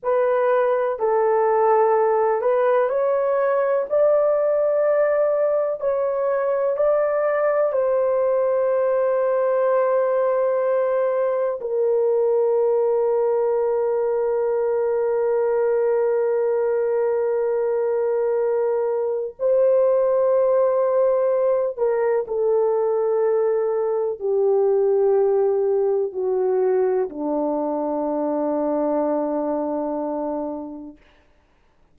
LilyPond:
\new Staff \with { instrumentName = "horn" } { \time 4/4 \tempo 4 = 62 b'4 a'4. b'8 cis''4 | d''2 cis''4 d''4 | c''1 | ais'1~ |
ais'1 | c''2~ c''8 ais'8 a'4~ | a'4 g'2 fis'4 | d'1 | }